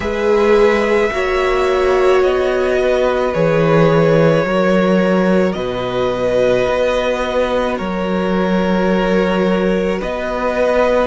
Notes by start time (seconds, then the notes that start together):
0.00 G#3 G#4 B4 E5
1.11 A#3 F#4 C#5
2.22 B3 D#5
2.79 B4
3.34 E3 G#4 C#5
4.44 F#3 F#4 A#4
5.53 B2 B4 D#5
6.68 B3
7.77 F#3 A#4 C#5
9.99 B3 B4 D#5